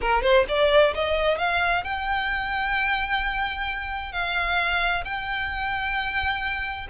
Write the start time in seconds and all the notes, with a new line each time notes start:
0.01 A#4
0.22 C5
0.48 D5
0.94 D#5
1.38 F5
1.83 G5
4.12 F5
5.04 G5